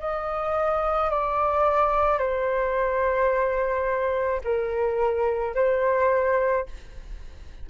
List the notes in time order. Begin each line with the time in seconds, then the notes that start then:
0.00 D#5
1.11 D5
2.19 C5
4.44 A#4
5.55 C5